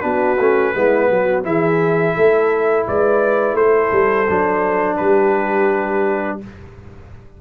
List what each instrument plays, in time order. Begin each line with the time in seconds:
0.00 tuba B3, trombone D4, horn F#4, trumpet B4
0.39 tuba A3, trombone C#4
0.74 tuba G#3, trombone B3, horn E4
1.10 tuba F#3, horn F#4
1.44 tuba E3, trombone E4, horn G#4, trumpet E5
2.15 tuba A3, horn A4
2.87 tuba G#3, horn B4, trumpet D5
3.54 tuba A3, horn A4, trumpet C5
3.92 tuba G3
4.29 tuba F#3, trombone D4
4.97 tuba G3, horn G4, trumpet B4